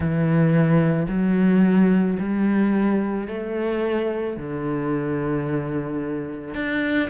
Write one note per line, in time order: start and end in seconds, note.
0.00 1.06 E3
1.08 2.17 F#3
2.19 3.27 G3
3.27 4.36 A3
4.36 6.54 D3
6.54 7.09 D4